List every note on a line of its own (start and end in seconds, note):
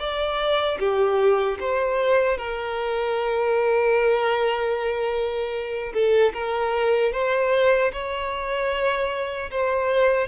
0.00 0.79 D5
0.80 1.59 G4
1.60 2.38 C5
2.38 5.93 A#4
5.94 6.33 A4
6.34 7.13 A#4
7.13 7.92 C5
7.93 9.51 C#5
9.51 10.28 C5